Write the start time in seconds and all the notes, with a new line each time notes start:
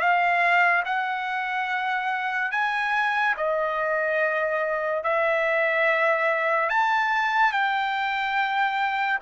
0.00 F5
0.85 F#5
2.52 G#5
3.37 D#5
5.04 E5
6.70 A5
7.52 G5